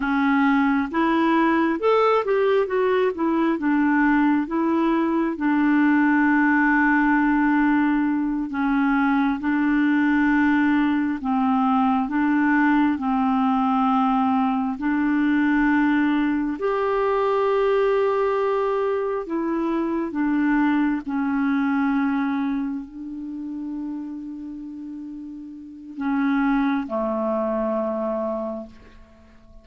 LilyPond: \new Staff \with { instrumentName = "clarinet" } { \time 4/4 \tempo 4 = 67 cis'4 e'4 a'8 g'8 fis'8 e'8 | d'4 e'4 d'2~ | d'4. cis'4 d'4.~ | d'8 c'4 d'4 c'4.~ |
c'8 d'2 g'4.~ | g'4. e'4 d'4 cis'8~ | cis'4. d'2~ d'8~ | d'4 cis'4 a2 | }